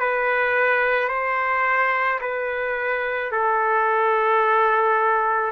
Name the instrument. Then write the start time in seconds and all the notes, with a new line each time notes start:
trumpet
0.00 B4
1.09 C5
2.21 B4
3.32 A4